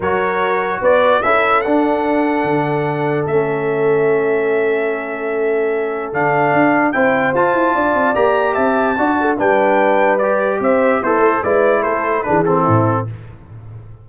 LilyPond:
<<
  \new Staff \with { instrumentName = "trumpet" } { \time 4/4 \tempo 4 = 147 cis''2 d''4 e''4 | fis''1 | e''1~ | e''2. f''4~ |
f''4 g''4 a''2 | ais''4 a''2 g''4~ | g''4 d''4 e''4 c''4 | d''4 c''4 b'8 a'4. | }
  \new Staff \with { instrumentName = "horn" } { \time 4/4 ais'2 b'4 a'4~ | a'1~ | a'1~ | a'1~ |
a'4 c''2 d''4~ | d''4 e''4 d''8 a'8 b'4~ | b'2 c''4 e'4 | b'4 a'4 gis'4 e'4 | }
  \new Staff \with { instrumentName = "trombone" } { \time 4/4 fis'2. e'4 | d'1 | cis'1~ | cis'2. d'4~ |
d'4 e'4 f'2 | g'2 fis'4 d'4~ | d'4 g'2 a'4 | e'2 d'8 c'4. | }
  \new Staff \with { instrumentName = "tuba" } { \time 4/4 fis2 b4 cis'4 | d'2 d2 | a1~ | a2. d4 |
d'4 c'4 f'8 e'8 d'8 c'8 | ais4 c'4 d'4 g4~ | g2 c'4 b8 a8 | gis4 a4 e4 a,4 | }
>>